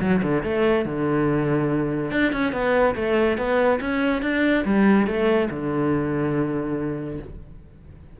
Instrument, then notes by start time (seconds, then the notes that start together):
cello
0.00 F#3
0.22 D3
0.43 A3
0.85 D3
2.11 D4
2.32 C#4
2.52 B3
2.95 A3
3.37 B3
3.80 C#4
4.22 D4
4.65 G3
5.06 A3
5.50 D3